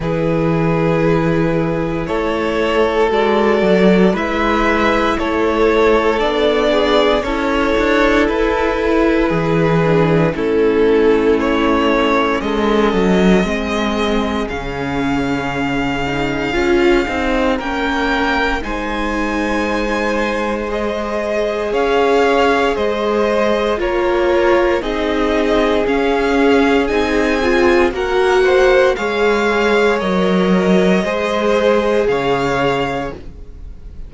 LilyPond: <<
  \new Staff \with { instrumentName = "violin" } { \time 4/4 \tempo 4 = 58 b'2 cis''4 d''4 | e''4 cis''4 d''4 cis''4 | b'2 a'4 cis''4 | dis''2 f''2~ |
f''4 g''4 gis''2 | dis''4 f''4 dis''4 cis''4 | dis''4 f''4 gis''4 fis''4 | f''4 dis''2 f''4 | }
  \new Staff \with { instrumentName = "violin" } { \time 4/4 gis'2 a'2 | b'4 a'4. gis'8 a'4~ | a'4 gis'4 e'2 | a'4 gis'2.~ |
gis'4 ais'4 c''2~ | c''4 cis''4 c''4 ais'4 | gis'2. ais'8 c''8 | cis''2 c''4 cis''4 | }
  \new Staff \with { instrumentName = "viola" } { \time 4/4 e'2. fis'4 | e'2 d'4 e'4~ | e'4. d'8 cis'2~ | cis'4 c'4 cis'4. dis'8 |
f'8 dis'8 cis'4 dis'2 | gis'2. f'4 | dis'4 cis'4 dis'8 f'8 fis'4 | gis'4 ais'4 gis'2 | }
  \new Staff \with { instrumentName = "cello" } { \time 4/4 e2 a4 gis8 fis8 | gis4 a4 b4 cis'8 d'8 | e'4 e4 a2 | gis8 fis8 gis4 cis2 |
cis'8 c'8 ais4 gis2~ | gis4 cis'4 gis4 ais4 | c'4 cis'4 c'4 ais4 | gis4 fis4 gis4 cis4 | }
>>